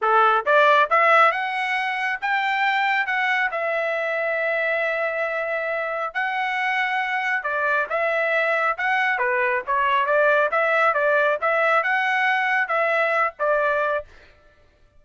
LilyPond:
\new Staff \with { instrumentName = "trumpet" } { \time 4/4 \tempo 4 = 137 a'4 d''4 e''4 fis''4~ | fis''4 g''2 fis''4 | e''1~ | e''2 fis''2~ |
fis''4 d''4 e''2 | fis''4 b'4 cis''4 d''4 | e''4 d''4 e''4 fis''4~ | fis''4 e''4. d''4. | }